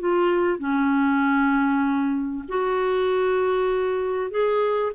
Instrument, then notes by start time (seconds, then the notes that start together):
clarinet
0.00 F4
0.59 C#4
2.49 F#4
4.31 G#4